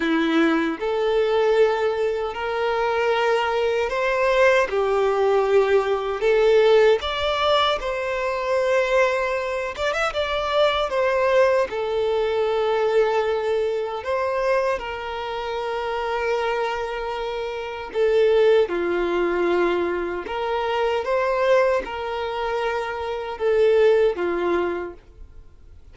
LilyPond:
\new Staff \with { instrumentName = "violin" } { \time 4/4 \tempo 4 = 77 e'4 a'2 ais'4~ | ais'4 c''4 g'2 | a'4 d''4 c''2~ | c''8 d''16 e''16 d''4 c''4 a'4~ |
a'2 c''4 ais'4~ | ais'2. a'4 | f'2 ais'4 c''4 | ais'2 a'4 f'4 | }